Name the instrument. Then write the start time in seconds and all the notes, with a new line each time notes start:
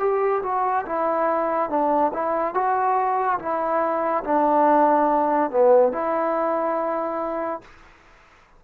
trombone
0.00 G4
0.43 F#4
0.86 E4
1.70 D4
2.14 E4
2.55 F#4
3.40 E4
4.24 D4
5.51 B3
5.93 E4